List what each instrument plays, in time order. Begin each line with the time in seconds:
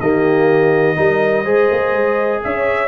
0.00 tuba D#3, trombone A#3, horn G4, trumpet D#5
0.96 tuba G3, trombone D#4, horn A#4
1.44 tuba G#3, trombone G#4, horn C5
1.71 tuba A#3
1.92 tuba G#3
2.44 tuba C#4, horn C#5, trumpet E5